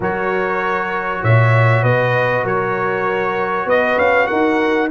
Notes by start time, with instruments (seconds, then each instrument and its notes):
0.00 tuba F#3, trombone F#4, horn A#4, trumpet C#5
1.21 tuba A#2, horn C#5, trumpet E5
1.82 tuba B2, horn B4, trumpet D#5
2.43 tuba F#3, horn A#4, trumpet C#5
3.65 tuba B3, horn B4, trumpet D#5
3.96 tuba C#4, trumpet F5
4.26 tuba D#4, horn A#4, trumpet F#5